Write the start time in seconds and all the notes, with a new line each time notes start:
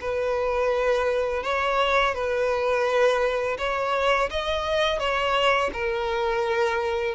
0.00 B4
1.43 C#5
2.14 B4
3.58 C#5
4.30 D#5
4.99 C#5
5.73 A#4